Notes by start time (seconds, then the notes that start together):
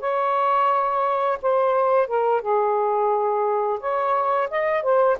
0.00 C#5
1.42 C5
2.07 A#4
2.41 G#4
3.80 C#5
4.50 D#5
4.82 C5